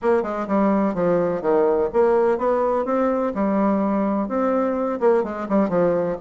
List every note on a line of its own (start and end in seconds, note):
0.02 0.23 A#3
0.23 0.46 G#3
0.47 0.94 G3
0.94 1.41 F3
1.41 1.89 D#3
1.93 2.38 A#3
2.38 2.85 B3
2.85 3.32 C4
3.34 4.28 G3
4.28 4.99 C4
4.99 5.23 A#3
5.23 5.47 G#3
5.48 5.69 G3
5.69 6.16 F3